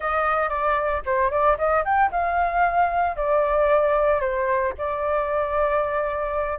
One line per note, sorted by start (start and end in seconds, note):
0.00 0.49 D#5
0.49 1.01 D5
1.05 1.31 C5
1.31 1.57 D5
1.58 1.84 D#5
1.84 2.11 G5
2.11 3.16 F5
3.16 4.20 D5
4.20 4.73 C5
4.78 6.59 D5